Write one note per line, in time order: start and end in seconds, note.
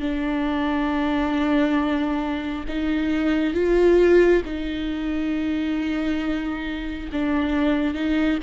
0.00 2.65 D4
2.68 3.54 D#4
3.54 4.42 F4
4.45 7.10 D#4
7.12 7.94 D4
7.94 8.38 D#4